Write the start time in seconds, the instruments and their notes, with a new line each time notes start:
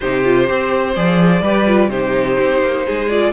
0.00 cello C3, viola D#4, violin G4 C5
0.24 viola F4
0.46 cello C4, viola G4, violin C5
0.95 cello F3, viola G#4, violin D5
1.41 cello G3, viola G4, violin B4
1.66 viola F4
1.89 cello C3, viola D#4, violin G4 C5
2.39 cello C4
2.62 cello A#3
2.85 cello G#3, violin G#4
3.09 viola F4, violin D5